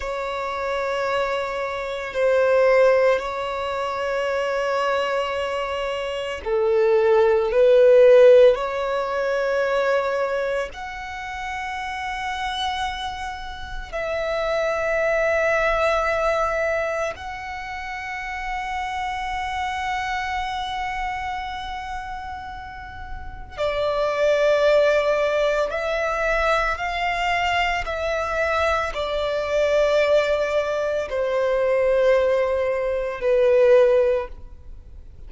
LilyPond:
\new Staff \with { instrumentName = "violin" } { \time 4/4 \tempo 4 = 56 cis''2 c''4 cis''4~ | cis''2 a'4 b'4 | cis''2 fis''2~ | fis''4 e''2. |
fis''1~ | fis''2 d''2 | e''4 f''4 e''4 d''4~ | d''4 c''2 b'4 | }